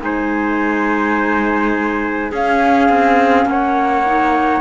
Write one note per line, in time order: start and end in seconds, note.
0.00 2.32 G#3
0.00 2.31 D#4
0.00 2.31 C5
0.00 2.32 G#5
2.31 2.89 C#4
2.31 4.06 C#4
2.31 3.47 G#4
2.31 3.48 F5
2.89 3.45 C4
3.45 4.61 A#3
3.45 4.61 C#5
3.45 4.61 F#5
4.06 4.61 D#4